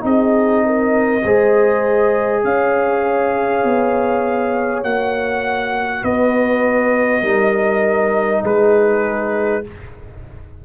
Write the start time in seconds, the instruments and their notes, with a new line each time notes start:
0.00 tuba C4, trombone D#4, horn G#4, trumpet D#5
0.65 horn A#4
1.24 tuba G#3, trombone G#4, horn C5
2.44 tuba C#4, horn C#5, trumpet F5
3.64 tuba B3
4.83 tuba A#3, trombone F#4, trumpet F#5
6.02 tuba B3, horn B4, trumpet D#5
7.21 tuba G3, trombone D#4, horn A#4
8.42 tuba G#3, horn G#4, trumpet B4